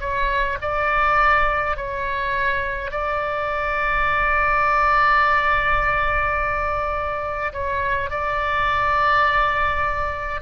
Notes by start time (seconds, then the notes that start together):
0.00 C#5
0.61 D5
1.76 C#5
2.91 D5
7.53 C#5
8.10 D5